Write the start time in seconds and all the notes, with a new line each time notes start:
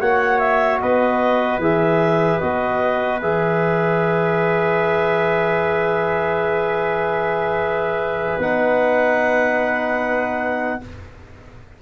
0.00 A#3 F#4 C#5 F#5
0.39 E5
0.79 B3 B4 D#5
1.58 E3 G#4 E5
2.39 B3 F#4 D#5
3.21 E3 G#4 E5
8.38 B3 D#4 F#5